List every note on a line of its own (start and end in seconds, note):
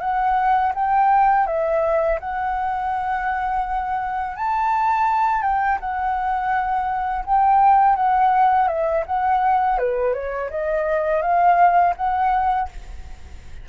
0.00 0.72 F#5
0.74 1.46 G5
1.46 2.19 E5
2.19 4.36 F#5
4.36 5.42 A5
5.42 5.78 G5
5.80 7.25 F#5
7.25 7.96 G5
7.96 8.67 F#5
8.67 9.04 E5
9.06 9.78 F#5
9.78 10.13 B4
10.13 10.50 C#5
10.50 11.22 D#5
11.22 11.94 F5
11.96 12.68 F#5